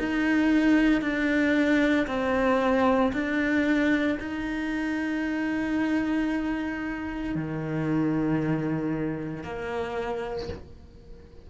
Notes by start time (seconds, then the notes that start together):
0.00 D#4
1.02 D4
2.08 C4
3.13 D4
4.20 D#4
7.35 D#3
9.44 A#3